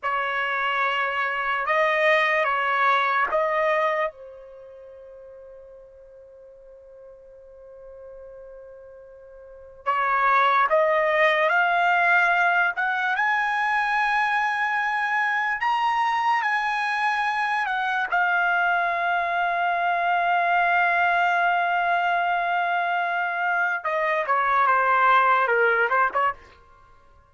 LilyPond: \new Staff \with { instrumentName = "trumpet" } { \time 4/4 \tempo 4 = 73 cis''2 dis''4 cis''4 | dis''4 c''2.~ | c''1 | cis''4 dis''4 f''4. fis''8 |
gis''2. ais''4 | gis''4. fis''8 f''2~ | f''1~ | f''4 dis''8 cis''8 c''4 ais'8 c''16 cis''16 | }